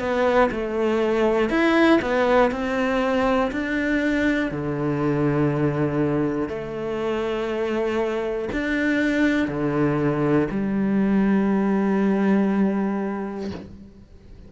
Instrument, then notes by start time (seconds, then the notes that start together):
cello
0.00 B3
0.51 A3
1.50 E4
2.02 B3
2.51 C4
3.51 D4
4.51 D3
6.49 A3
8.53 D4
9.48 D3
10.51 G3